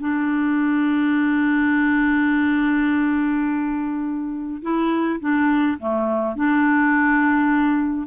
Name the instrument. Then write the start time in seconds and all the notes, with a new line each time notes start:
clarinet
0.00 D4
4.62 E4
5.20 D4
5.79 A3
6.35 D4